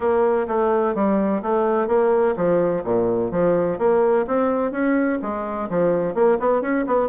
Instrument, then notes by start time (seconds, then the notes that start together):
bassoon
0.00 A#3
0.47 A3
0.94 G3
1.42 A3
1.87 A#3
2.36 F3
2.84 A#2
3.31 F3
3.78 A#3
4.27 C4
4.71 C#4
5.22 G#3
5.69 F3
6.14 A#3
6.39 B3
6.61 C#4
6.86 B3